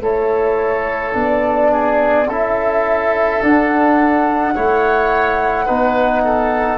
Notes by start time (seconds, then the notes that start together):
0.00 A3 E4 A4 C#5
1.13 B3 D4 D5
1.71 G#4
2.27 C#4 E4 A4 E5
3.41 D4 F#5
4.54 A3 E4 C#5
5.65 B3 D#4 B4
6.24 A4